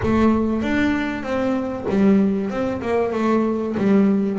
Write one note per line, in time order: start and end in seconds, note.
0.03 0.62 A3
0.62 1.23 D4
1.23 1.85 C4
1.89 2.49 G3
2.49 2.81 C4
2.81 3.12 A#3
3.12 3.75 A3
3.77 4.39 G3